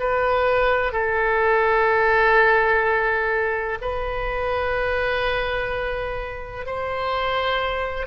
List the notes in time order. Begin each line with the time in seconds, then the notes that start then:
0.00 B4
0.93 A4
3.82 B4
6.66 C5